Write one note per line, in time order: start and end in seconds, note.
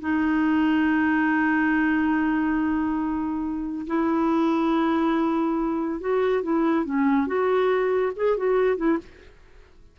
0.00 3.86 D#4
3.87 6.00 E4
6.00 6.42 F#4
6.42 6.85 E4
6.85 7.26 C#4
7.26 8.12 F#4
8.16 8.37 G#4
8.37 8.76 F#4
8.76 8.98 E4